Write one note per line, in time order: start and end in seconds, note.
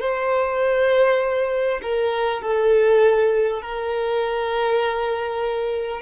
0.00 1.80 C5
1.82 2.41 A#4
2.41 3.61 A4
3.62 6.01 A#4